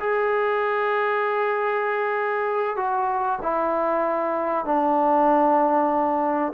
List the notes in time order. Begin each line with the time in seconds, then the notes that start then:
0.00 G#4
2.77 F#4
3.43 E4
4.66 D4